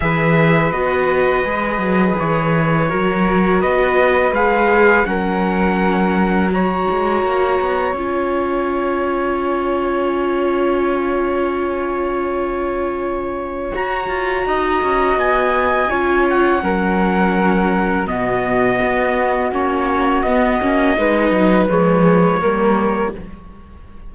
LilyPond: <<
  \new Staff \with { instrumentName = "trumpet" } { \time 4/4 \tempo 4 = 83 e''4 dis''2 cis''4~ | cis''4 dis''4 f''4 fis''4~ | fis''4 ais''2 gis''4~ | gis''1~ |
gis''2. ais''4~ | ais''4 gis''4. fis''4.~ | fis''4 dis''2 cis''4 | dis''2 cis''2 | }
  \new Staff \with { instrumentName = "flute" } { \time 4/4 b'1 | ais'4 b'2 ais'4~ | ais'4 cis''2.~ | cis''1~ |
cis''1 | dis''2 cis''4 ais'4~ | ais'4 fis'2.~ | fis'4 b'2 ais'4 | }
  \new Staff \with { instrumentName = "viola" } { \time 4/4 gis'4 fis'4 gis'2 | fis'2 gis'4 cis'4~ | cis'4 fis'2 f'4~ | f'1~ |
f'2. fis'4~ | fis'2 f'4 cis'4~ | cis'4 b2 cis'4 | b8 cis'8 dis'4 gis4 ais4 | }
  \new Staff \with { instrumentName = "cello" } { \time 4/4 e4 b4 gis8 fis8 e4 | fis4 b4 gis4 fis4~ | fis4. gis8 ais8 b8 cis'4~ | cis'1~ |
cis'2. fis'8 f'8 | dis'8 cis'8 b4 cis'4 fis4~ | fis4 b,4 b4 ais4 | b8 ais8 gis8 fis8 f4 g4 | }
>>